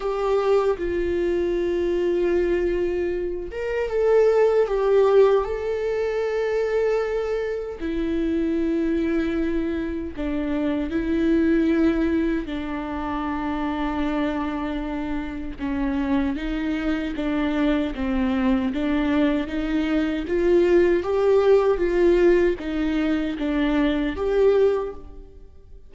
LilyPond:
\new Staff \with { instrumentName = "viola" } { \time 4/4 \tempo 4 = 77 g'4 f'2.~ | f'8 ais'8 a'4 g'4 a'4~ | a'2 e'2~ | e'4 d'4 e'2 |
d'1 | cis'4 dis'4 d'4 c'4 | d'4 dis'4 f'4 g'4 | f'4 dis'4 d'4 g'4 | }